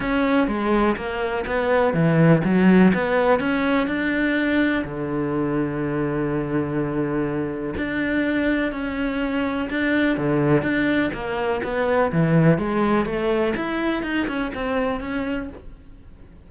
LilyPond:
\new Staff \with { instrumentName = "cello" } { \time 4/4 \tempo 4 = 124 cis'4 gis4 ais4 b4 | e4 fis4 b4 cis'4 | d'2 d2~ | d1 |
d'2 cis'2 | d'4 d4 d'4 ais4 | b4 e4 gis4 a4 | e'4 dis'8 cis'8 c'4 cis'4 | }